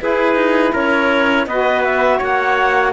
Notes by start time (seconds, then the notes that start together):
0.00 E4 G#4 B4
0.35 D#4
0.72 C#4 A#4 C#5
1.46 B3 F#4 B4 D#5
1.83 E5
2.17 A#3 C#5 F#5